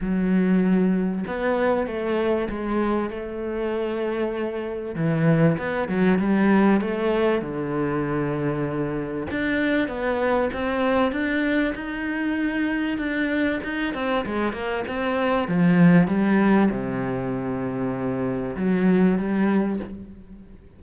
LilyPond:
\new Staff \with { instrumentName = "cello" } { \time 4/4 \tempo 4 = 97 fis2 b4 a4 | gis4 a2. | e4 b8 fis8 g4 a4 | d2. d'4 |
b4 c'4 d'4 dis'4~ | dis'4 d'4 dis'8 c'8 gis8 ais8 | c'4 f4 g4 c4~ | c2 fis4 g4 | }